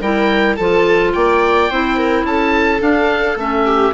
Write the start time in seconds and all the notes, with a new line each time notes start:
0.00 G3 E4 A#4 G5
0.56 F3 F4 A4 A5
1.13 A#3 D5 G5
1.70 C4 E4 C5
1.96 A#4
2.24 C#4 A4 A5
2.79 D4 F5
3.36 A3 C#4 E5
3.65 G4